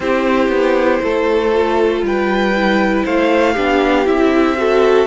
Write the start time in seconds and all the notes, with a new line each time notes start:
0.00 C4 E4 G4 C5
0.48 B3
1.03 A3 A4
1.53 F4
2.02 G3 B4 G5
2.55 E4
3.04 A3 C5 F5
3.52 B3 D4 G4
4.04 C4 E4 E5
4.57 F#4 A4